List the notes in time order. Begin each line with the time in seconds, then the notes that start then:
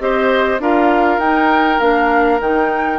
0.00 C4 G4 C5 D#5
0.59 D4 F4 A#4 F5
1.18 D#4 G5
1.80 A#3 D4 F5
2.40 D#3 D#4 G5